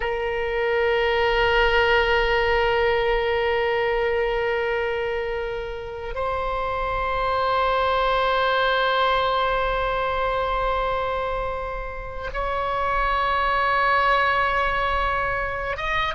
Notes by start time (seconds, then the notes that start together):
0.00 A#4
6.14 C5
12.33 C#5
15.77 D#5